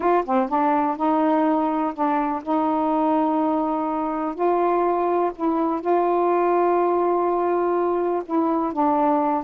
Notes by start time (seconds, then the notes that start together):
0.00 F4
0.25 C4
0.48 D4
0.97 D#4
1.94 D4
2.43 D#4
4.35 F4
5.35 E4
5.80 F4
8.25 E4
8.73 D4